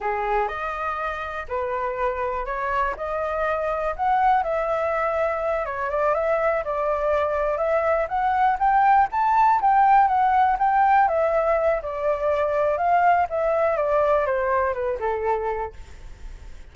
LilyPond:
\new Staff \with { instrumentName = "flute" } { \time 4/4 \tempo 4 = 122 gis'4 dis''2 b'4~ | b'4 cis''4 dis''2 | fis''4 e''2~ e''8 cis''8 | d''8 e''4 d''2 e''8~ |
e''8 fis''4 g''4 a''4 g''8~ | g''8 fis''4 g''4 e''4. | d''2 f''4 e''4 | d''4 c''4 b'8 a'4. | }